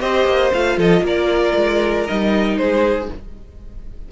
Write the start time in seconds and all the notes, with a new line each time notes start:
0.00 C4 G4 C5 D#5
0.26 A#3
0.54 A3 F4 F5
0.77 F3 A4 D#5
1.01 A#3 A#4 D5
1.57 G#3
2.07 G3 D#4 D#5
2.58 G#3 G#4 C5